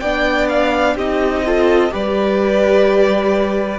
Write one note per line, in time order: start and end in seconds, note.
0.00 0.96 B3
0.00 0.99 D4
0.00 0.95 D5
0.00 0.48 G5
0.49 0.96 F5
0.95 1.91 C4
0.95 1.46 D#4
0.95 1.42 G4
0.95 1.94 D#5
1.46 1.91 F4
1.46 1.93 A4
1.91 3.80 G3
1.91 3.80 G4
1.91 3.80 B4
1.91 3.80 D5